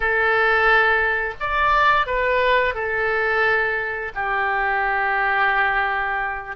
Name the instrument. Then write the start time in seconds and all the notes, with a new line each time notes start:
oboe
0.00 A4
1.40 D5
2.06 B4
2.74 A4
4.14 G4